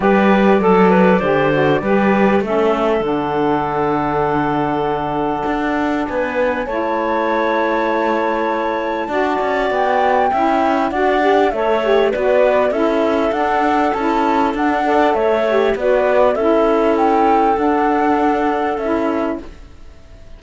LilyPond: <<
  \new Staff \with { instrumentName = "flute" } { \time 4/4 \tempo 4 = 99 d''1 | e''4 fis''2.~ | fis''2 gis''4 a''4~ | a''1 |
g''2 fis''4 e''4 | d''4 e''4 fis''4 a''4 | fis''4 e''4 d''4 e''4 | g''4 fis''2 e''4 | }
  \new Staff \with { instrumentName = "clarinet" } { \time 4/4 b'4 a'8 b'8 c''4 b'4 | a'1~ | a'2 b'4 cis''4~ | cis''2. d''4~ |
d''4 e''4 d''4 cis''4 | b'4 a'2.~ | a'8 d''8 cis''4 b'4 a'4~ | a'1 | }
  \new Staff \with { instrumentName = "saxophone" } { \time 4/4 g'4 a'4 g'8 fis'8 g'4 | cis'4 d'2.~ | d'2. e'4~ | e'2. fis'4~ |
fis'4 e'4 fis'8 g'8 a'8 g'8 | fis'4 e'4 d'4 e'4 | d'8 a'4 g'8 fis'4 e'4~ | e'4 d'2 e'4 | }
  \new Staff \with { instrumentName = "cello" } { \time 4/4 g4 fis4 d4 g4 | a4 d2.~ | d4 d'4 b4 a4~ | a2. d'8 cis'8 |
b4 cis'4 d'4 a4 | b4 cis'4 d'4 cis'4 | d'4 a4 b4 cis'4~ | cis'4 d'2 cis'4 | }
>>